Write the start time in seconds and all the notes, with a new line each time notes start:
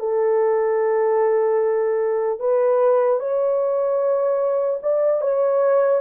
0.00 A4
2.40 B4
3.20 C#5
4.83 D5
5.21 C#5